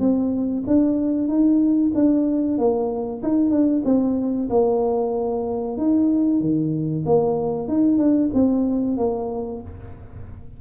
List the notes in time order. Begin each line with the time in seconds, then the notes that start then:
0.00 C4
0.67 D4
1.28 D#4
1.95 D4
2.59 A#3
3.23 D#4
3.50 D4
3.85 C4
4.50 A#3
5.78 D#4
6.41 D#3
7.06 A#3
7.68 D#4
7.98 D4
8.34 C4
8.97 A#3